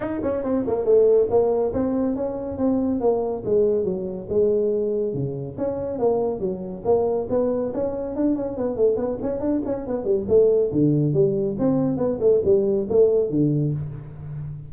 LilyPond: \new Staff \with { instrumentName = "tuba" } { \time 4/4 \tempo 4 = 140 dis'8 cis'8 c'8 ais8 a4 ais4 | c'4 cis'4 c'4 ais4 | gis4 fis4 gis2 | cis4 cis'4 ais4 fis4 |
ais4 b4 cis'4 d'8 cis'8 | b8 a8 b8 cis'8 d'8 cis'8 b8 g8 | a4 d4 g4 c'4 | b8 a8 g4 a4 d4 | }